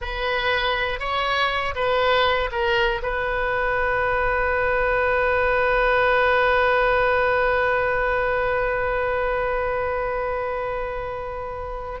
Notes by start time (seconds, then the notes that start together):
0.01 B4
0.99 C#5
1.75 B4
2.51 A#4
3.02 B4